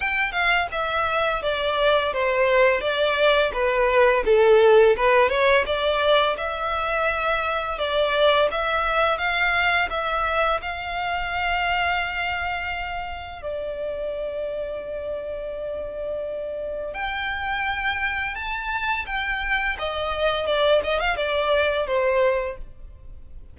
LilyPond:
\new Staff \with { instrumentName = "violin" } { \time 4/4 \tempo 4 = 85 g''8 f''8 e''4 d''4 c''4 | d''4 b'4 a'4 b'8 cis''8 | d''4 e''2 d''4 | e''4 f''4 e''4 f''4~ |
f''2. d''4~ | d''1 | g''2 a''4 g''4 | dis''4 d''8 dis''16 f''16 d''4 c''4 | }